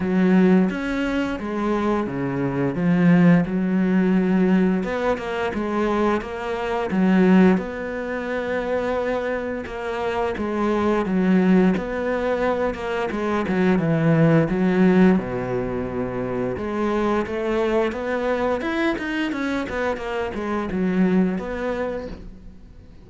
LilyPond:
\new Staff \with { instrumentName = "cello" } { \time 4/4 \tempo 4 = 87 fis4 cis'4 gis4 cis4 | f4 fis2 b8 ais8 | gis4 ais4 fis4 b4~ | b2 ais4 gis4 |
fis4 b4. ais8 gis8 fis8 | e4 fis4 b,2 | gis4 a4 b4 e'8 dis'8 | cis'8 b8 ais8 gis8 fis4 b4 | }